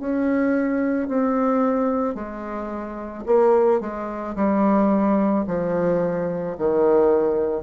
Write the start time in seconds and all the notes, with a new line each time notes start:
0.00 C#4
1.08 C4
2.15 G#3
3.26 A#3
3.81 G#3
4.36 G3
5.47 F3
6.58 D#3